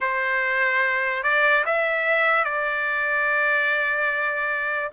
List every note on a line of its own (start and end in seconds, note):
0.00 1.23 C5
1.23 1.64 D5
1.65 2.44 E5
2.44 4.91 D5